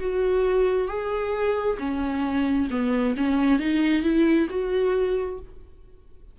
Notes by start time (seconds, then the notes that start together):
0.00 F#4
0.88 G#4
1.79 C#4
2.71 B3
3.17 C#4
3.59 D#4
4.03 E4
4.50 F#4